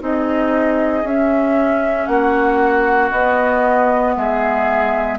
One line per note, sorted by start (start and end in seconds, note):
0.00 1.04 C4
0.00 1.03 D#4
0.00 2.08 G#4
0.00 1.07 D#5
1.04 2.07 C#4
1.04 3.13 C#4
1.04 2.07 E5
2.07 3.11 A#3
2.07 4.15 F#4
2.07 3.10 F#5
3.11 4.15 B3
3.11 5.19 B3
3.11 4.15 D#5
4.16 5.19 G#3
4.16 5.19 G#4
4.16 5.19 E5